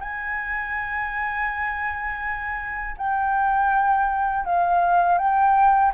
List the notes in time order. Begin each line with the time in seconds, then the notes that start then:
0.00 G#5
2.97 G5
4.45 F5
5.18 G5